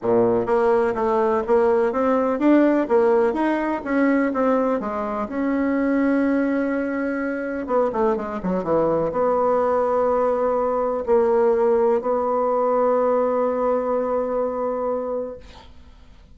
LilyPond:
\new Staff \with { instrumentName = "bassoon" } { \time 4/4 \tempo 4 = 125 ais,4 ais4 a4 ais4 | c'4 d'4 ais4 dis'4 | cis'4 c'4 gis4 cis'4~ | cis'1 |
b8 a8 gis8 fis8 e4 b4~ | b2. ais4~ | ais4 b2.~ | b1 | }